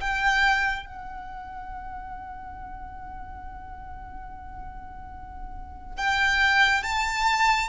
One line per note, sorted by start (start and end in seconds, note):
0.00 0.86 G5
0.86 5.97 F#5
5.97 6.83 G5
6.83 7.68 A5